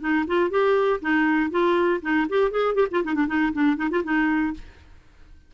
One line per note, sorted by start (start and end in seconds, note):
0.00 0.25 D#4
0.27 0.50 F4
0.50 1.00 G4
1.01 1.50 D#4
1.50 2.00 F4
2.02 2.27 D#4
2.29 2.51 G4
2.51 2.75 G#4
2.75 2.87 G4
2.91 3.03 F4
3.04 3.14 D#4
3.14 3.27 D4
3.27 3.52 D#4
3.53 3.76 D4
3.76 3.89 D#4
3.90 4.03 F4
4.03 4.53 D#4